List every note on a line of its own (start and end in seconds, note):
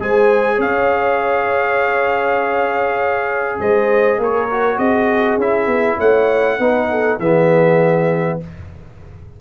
0.00 0.58 G#3
0.00 4.50 G#4
0.00 0.56 C5
0.00 0.61 G#5
0.56 3.58 C#4
0.56 3.56 C#5
0.56 3.61 F5
3.59 4.18 G#3
3.59 4.20 C5
3.59 4.21 D#5
4.18 4.78 A#3
4.18 4.78 A#4
4.18 4.79 C#5
4.51 5.41 F#4
4.78 5.38 C4
4.78 5.98 G#4
4.78 5.39 D#5
5.38 5.67 C#4
5.38 6.60 E4
5.38 6.00 E5
5.67 5.97 B3
5.98 6.59 A3
5.98 6.58 C#5
5.98 7.20 F#5
6.59 7.19 B3
6.59 7.20 D#4
6.59 6.90 B4
6.91 7.20 A4
7.20 8.39 E3
7.20 8.41 B3
7.20 8.40 G#4
7.20 8.40 E5